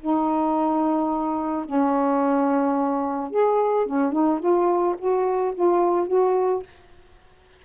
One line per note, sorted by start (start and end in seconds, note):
0.00 1.65 D#4
1.65 3.30 C#4
3.30 3.86 G#4
3.86 4.12 C#4
4.12 4.39 D#4
4.39 4.95 F4
4.98 5.54 F#4
5.54 6.07 F4
6.07 6.62 F#4